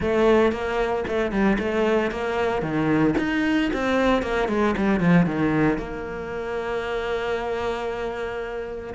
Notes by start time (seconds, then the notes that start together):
0.00 A3
0.51 A#3
1.07 A3
1.31 G3
1.58 A3
2.11 A#3
2.62 D#3
3.18 D#4
3.73 C4
4.22 A#3
4.48 G#3
4.77 G3
5.00 F3
5.26 D#3
5.78 A#3